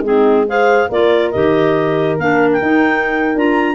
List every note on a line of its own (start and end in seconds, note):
0.00 0.86 G#3
0.00 0.47 C4
0.00 0.46 D#4
0.00 0.47 G#4
0.47 0.90 G#4
0.47 0.88 C5
0.47 0.91 F5
0.88 1.33 A#3
0.88 1.33 F4
0.88 3.75 A#4
0.88 1.31 D5
1.31 2.18 D#3
1.31 2.19 G4
1.31 2.17 D#5
2.18 2.61 A#3
2.18 2.61 D4
2.18 2.50 F5
2.52 3.37 G5
2.61 3.35 D#4
2.61 3.36 D#4
3.35 3.75 D4
3.35 3.75 F4
3.35 3.75 A#5